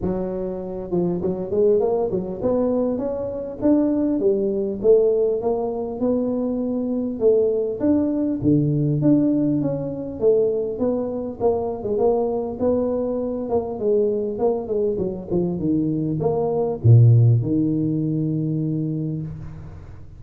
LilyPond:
\new Staff \with { instrumentName = "tuba" } { \time 4/4 \tempo 4 = 100 fis4. f8 fis8 gis8 ais8 fis8 | b4 cis'4 d'4 g4 | a4 ais4 b2 | a4 d'4 d4 d'4 |
cis'4 a4 b4 ais8. gis16 | ais4 b4. ais8 gis4 | ais8 gis8 fis8 f8 dis4 ais4 | ais,4 dis2. | }